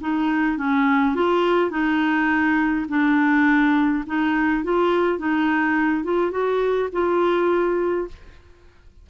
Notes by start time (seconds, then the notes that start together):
0.00 D#4
0.57 C#4
1.15 F4
1.70 D#4
2.88 D4
4.06 D#4
4.64 F4
5.18 D#4
6.04 F4
6.31 F#4
6.92 F4